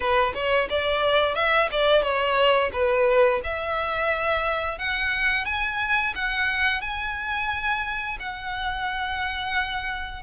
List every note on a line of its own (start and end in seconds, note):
0.00 0.33 B4
0.34 0.68 C#5
0.69 1.35 D5
1.35 1.69 E5
1.71 2.02 D5
2.02 2.70 C#5
2.73 3.41 B4
3.43 4.78 E5
4.78 5.45 F#5
5.45 6.13 G#5
6.15 6.81 F#5
6.81 8.17 G#5
8.19 10.22 F#5